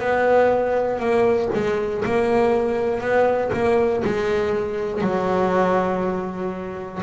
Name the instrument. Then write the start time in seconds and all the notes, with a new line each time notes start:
double bass
0.00 B3
1.00 A#3
1.55 G#3
2.05 A#3
3.01 B3
3.53 A#3
4.05 G#3
5.02 F#3